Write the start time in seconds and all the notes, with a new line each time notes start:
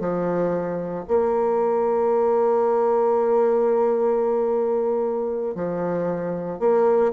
0.00 F3
1.08 A#3
5.55 F3
6.60 A#3